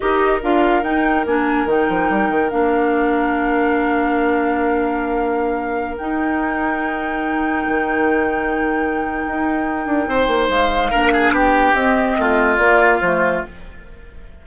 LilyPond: <<
  \new Staff \with { instrumentName = "flute" } { \time 4/4 \tempo 4 = 143 dis''4 f''4 g''4 gis''4 | g''2 f''2~ | f''1~ | f''2~ f''16 g''4.~ g''16~ |
g''1~ | g''1~ | g''4 f''2 g''4 | dis''2 d''4 c''4 | }
  \new Staff \with { instrumentName = "oboe" } { \time 4/4 ais'1~ | ais'1~ | ais'1~ | ais'1~ |
ais'1~ | ais'1 | c''2 ais'8 gis'8 g'4~ | g'4 f'2. | }
  \new Staff \with { instrumentName = "clarinet" } { \time 4/4 g'4 f'4 dis'4 d'4 | dis'2 d'2~ | d'1~ | d'2~ d'16 dis'4.~ dis'16~ |
dis'1~ | dis'1~ | dis'2 d'2 | c'2 ais4 a4 | }
  \new Staff \with { instrumentName = "bassoon" } { \time 4/4 dis'4 d'4 dis'4 ais4 | dis8 f8 g8 dis8 ais2~ | ais1~ | ais2~ ais16 dis'4.~ dis'16~ |
dis'2~ dis'16 dis4.~ dis16~ | dis2 dis'4. d'8 | c'8 ais8 gis4 ais4 b4 | c'4 a4 ais4 f4 | }
>>